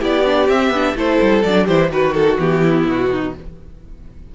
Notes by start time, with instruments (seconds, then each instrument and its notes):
0.00 cello B3, viola E4, violin G4 D5
0.25 viola D4
0.49 cello C4, viola C4, violin E5
0.70 cello B3, viola D4
0.95 cello A3, viola E4, violin A4 C5
1.21 cello G3
1.43 cello F#3, viola D4, violin D5
1.65 cello E3, viola E4, violin G4 C5
1.90 cello D#3, viola F#4, violin F#4 B4
2.14 violin A4
2.38 cello E3, viola B3, violin G4
2.62 violin E4
2.87 cello B2, violin F#4
3.11 violin D#4